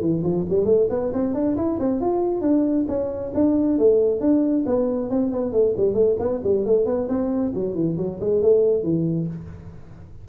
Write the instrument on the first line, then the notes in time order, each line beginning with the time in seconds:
tuba
0.00 E3
0.23 F3
0.49 G3
0.65 A3
0.89 B3
1.13 C4
1.34 D4
1.56 E4
1.79 C4
2.00 F4
2.41 D4
2.88 C#4
3.34 D4
3.78 A3
4.20 D4
4.66 B3
5.10 C4
5.31 B3
5.52 A3
5.76 G3
5.94 A3
6.19 B3
6.43 G3
6.65 A3
6.85 B3
7.08 C4
7.54 F#3
7.74 E3
7.97 F#3
8.20 G#3
8.42 A3
8.83 E3